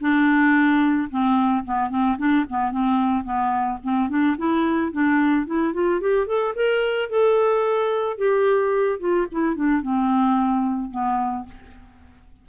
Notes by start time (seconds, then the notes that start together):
0.00 D4
1.10 C4
1.64 B3
1.89 C4
2.17 D4
2.49 B3
2.71 C4
3.24 B3
3.83 C4
4.09 D4
4.37 E4
4.91 D4
5.46 E4
5.73 F4
6.00 G4
6.27 A4
6.55 A#4
7.09 A4
8.17 G4
8.99 F4
9.31 E4
9.55 D4
9.82 C4
10.90 B3